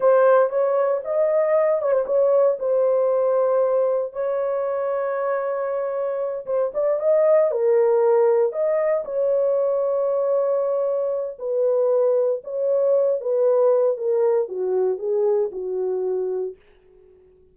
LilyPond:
\new Staff \with { instrumentName = "horn" } { \time 4/4 \tempo 4 = 116 c''4 cis''4 dis''4. cis''16 c''16 | cis''4 c''2. | cis''1~ | cis''8 c''8 d''8 dis''4 ais'4.~ |
ais'8 dis''4 cis''2~ cis''8~ | cis''2 b'2 | cis''4. b'4. ais'4 | fis'4 gis'4 fis'2 | }